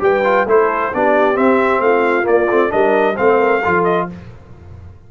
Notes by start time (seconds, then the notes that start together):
0.00 G3 G4 B4 G5
0.25 F4
0.46 A3 E4 A4 C5
0.94 B3 D4 G4 D5
1.35 C4 E5
1.80 A3 F4 F5
2.24 A#3 D5
2.49 A3 C4
2.69 G3 D4 A#4 D#5
3.15 A3 C4 C5 F5
3.38 A#4
3.62 F3 F4 A4
3.84 D#5